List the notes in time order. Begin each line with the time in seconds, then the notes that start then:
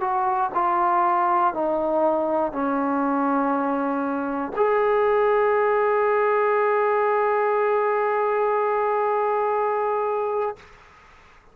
0.00 F#4
0.54 F4
1.54 D#4
2.52 C#4
4.56 G#4